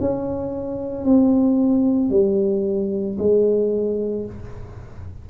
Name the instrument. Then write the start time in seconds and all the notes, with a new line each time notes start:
tuba
0.00 C#4
1.04 C4
2.10 G3
3.18 G#3